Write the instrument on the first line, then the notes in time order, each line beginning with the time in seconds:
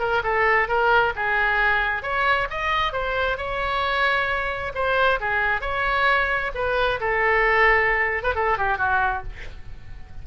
oboe
0.00 A#4
0.24 A4
0.68 A#4
1.16 G#4
2.03 C#5
2.51 D#5
2.93 C5
3.38 C#5
4.75 C5
5.21 G#4
5.62 C#5
6.55 B4
7.01 A4
8.24 B4
8.36 A4
8.58 G4
8.78 F#4